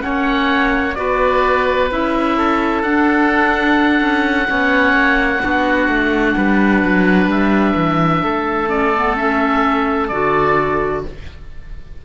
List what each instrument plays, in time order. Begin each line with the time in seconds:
0.00 clarinet C#4, oboe C#5 F#5
0.06 cello A#3
0.95 cello B3, clarinet F#4, oboe B4 D5
1.91 cello C#4, clarinet E4, oboe E5
2.38 oboe A4
2.83 cello D4, clarinet D4, oboe F#5
4.00 cello C#4
4.46 cello B3, clarinet C#4, oboe C#5
4.93 cello A#3
5.42 cello B3, clarinet D4, oboe F#4
5.88 cello A3
6.37 cello G3, oboe B4
6.83 cello F#3
7.27 cello G3, oboe E5
7.76 cello E3
8.23 cello A3, oboe A4
8.68 clarinet C#4, oboe D5
8.96 clarinet B3
9.16 clarinet C#4, oboe E5
10.08 cello D3, clarinet F#4, oboe D5